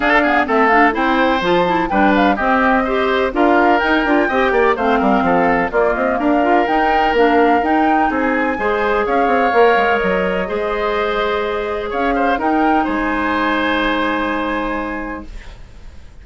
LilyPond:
<<
  \new Staff \with { instrumentName = "flute" } { \time 4/4 \tempo 4 = 126 f''4 e''8 f''8 g''4 a''4 | g''8 f''8 dis''2 f''4 | g''2 f''2 | d''8 dis''8 f''4 g''4 f''4 |
g''4 gis''2 f''4~ | f''4 dis''2.~ | dis''4 f''4 g''4 gis''4~ | gis''1 | }
  \new Staff \with { instrumentName = "oboe" } { \time 4/4 a'8 gis'8 a'4 c''2 | b'4 g'4 c''4 ais'4~ | ais'4 dis''8 d''8 c''8 ais'8 a'4 | f'4 ais'2.~ |
ais'4 gis'4 c''4 cis''4~ | cis''2 c''2~ | c''4 cis''8 c''8 ais'4 c''4~ | c''1 | }
  \new Staff \with { instrumentName = "clarinet" } { \time 4/4 d'8 b8 c'8 d'8 e'4 f'8 e'8 | d'4 c'4 g'4 f'4 | dis'8 f'8 g'4 c'2 | ais4. f'8 dis'4 d'4 |
dis'2 gis'2 | ais'2 gis'2~ | gis'2 dis'2~ | dis'1 | }
  \new Staff \with { instrumentName = "bassoon" } { \time 4/4 d'4 a4 c'4 f4 | g4 c'2 d'4 | dis'8 d'8 c'8 ais8 a8 g8 f4 | ais8 c'8 d'4 dis'4 ais4 |
dis'4 c'4 gis4 cis'8 c'8 | ais8 gis8 fis4 gis2~ | gis4 cis'4 dis'4 gis4~ | gis1 | }
>>